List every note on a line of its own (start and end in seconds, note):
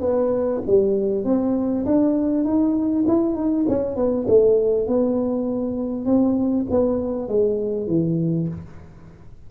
0.00 0.61 B3
0.66 1.24 G3
1.24 1.85 C4
1.85 2.44 D4
2.44 3.04 D#4
3.07 3.35 E4
3.35 3.65 D#4
3.68 3.96 C#4
3.96 4.26 B3
4.28 4.87 A3
4.87 6.05 B3
6.05 6.66 C4
6.70 7.28 B3
7.28 7.87 G#3
7.87 8.47 E3